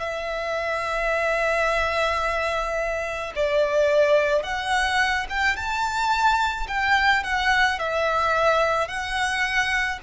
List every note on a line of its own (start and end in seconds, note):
0.00 3.33 E5
3.35 4.43 D5
4.43 5.26 F#5
5.29 5.56 G5
5.56 6.67 A5
6.68 7.23 G5
7.23 7.79 F#5
7.79 8.88 E5
8.88 9.99 F#5